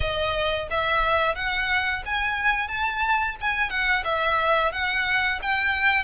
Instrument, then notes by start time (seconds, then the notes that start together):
violin
0.00 D#5
0.70 E5
1.35 F#5
2.05 G#5
2.68 A5
3.40 G#5
3.70 F#5
4.04 E5
4.72 F#5
5.42 G5